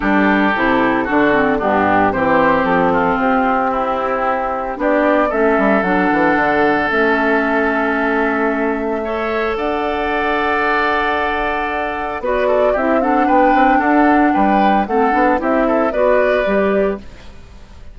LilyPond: <<
  \new Staff \with { instrumentName = "flute" } { \time 4/4 \tempo 4 = 113 a'2. g'4 | c''4 a'4 g'2~ | g'4 d''4 e''4 fis''4~ | fis''4 e''2.~ |
e''2 fis''2~ | fis''2. d''4 | e''8 fis''8 g''4 fis''4 g''4 | fis''4 e''4 d''2 | }
  \new Staff \with { instrumentName = "oboe" } { \time 4/4 g'2 fis'4 d'4 | g'4. f'4. e'4~ | e'4 g'4 a'2~ | a'1~ |
a'4 cis''4 d''2~ | d''2. b'8 a'8 | g'8 a'8 b'4 a'4 b'4 | a'4 g'8 a'8 b'2 | }
  \new Staff \with { instrumentName = "clarinet" } { \time 4/4 d'4 e'4 d'8 c'8 b4 | c'1~ | c'4 d'4 cis'4 d'4~ | d'4 cis'2.~ |
cis'4 a'2.~ | a'2. fis'4 | e'8 d'2.~ d'8 | c'8 d'8 e'4 fis'4 g'4 | }
  \new Staff \with { instrumentName = "bassoon" } { \time 4/4 g4 c4 d4 g,4 | e4 f4 c'2~ | c'4 b4 a8 g8 fis8 e8 | d4 a2.~ |
a2 d'2~ | d'2. b4 | c'4 b8 c'8 d'4 g4 | a8 b8 c'4 b4 g4 | }
>>